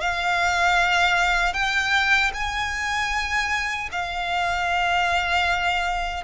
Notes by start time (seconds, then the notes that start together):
0.00 F5
1.53 G5
2.33 G#5
3.91 F5